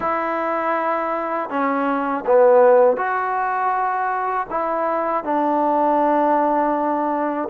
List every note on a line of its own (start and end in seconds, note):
0.00 1.49 E4
1.49 2.24 C#4
2.26 2.96 B3
2.96 4.46 F#4
4.50 5.24 E4
5.24 7.49 D4